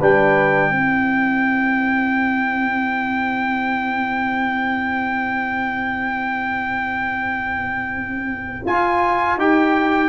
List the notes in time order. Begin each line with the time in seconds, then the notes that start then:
0.00 G3 D4 B4 G5
0.71 C4 E4 C5
8.66 F4 G#5
9.37 D#4 G4 G5